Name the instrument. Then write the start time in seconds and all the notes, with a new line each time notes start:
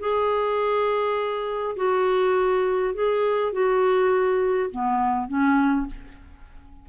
clarinet
0.00 G#4
1.77 F#4
2.95 G#4
3.53 F#4
4.71 B3
5.28 C#4